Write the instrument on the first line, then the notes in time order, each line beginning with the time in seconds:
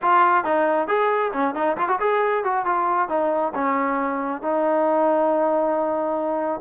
trombone
0.02 F4
0.44 D#4
0.87 G#4
1.33 C#4
1.54 D#4
1.77 F4
1.88 F#4
2.00 G#4
2.44 F#4
2.65 F4
3.09 D#4
3.54 C#4
4.42 D#4